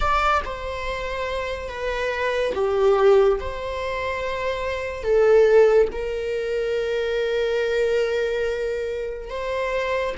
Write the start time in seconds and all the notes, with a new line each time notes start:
0.00 D5
0.45 C5
1.69 B4
2.54 G4
3.40 C5
5.03 A4
5.92 A#4
9.30 C5